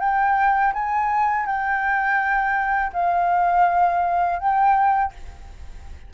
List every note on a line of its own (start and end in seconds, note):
0.00 0.73 G5
0.74 1.46 G#5
1.46 2.93 G5
2.93 4.40 F5
4.40 5.13 G5